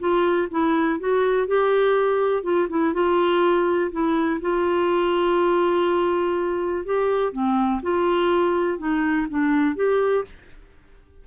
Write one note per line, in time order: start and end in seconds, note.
0.00 0.49 F4
0.51 1.00 E4
1.00 1.47 F#4
1.47 2.43 G4
2.43 2.68 F4
2.70 2.94 E4
2.94 3.92 F4
3.92 4.41 E4
4.42 6.86 F4
6.86 7.33 G4
7.33 7.82 C4
7.83 8.78 F4
8.78 9.27 D#4
9.30 9.76 D4
9.76 10.25 G4